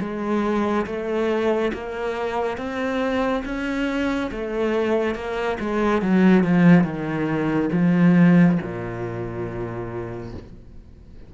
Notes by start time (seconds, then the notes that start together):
0.00 G#3
0.86 A3
1.73 A#3
2.57 C4
3.45 C#4
4.31 A3
5.15 A#3
5.59 G#3
6.02 F#3
6.44 F3
6.83 D#3
7.72 F3
8.62 A#2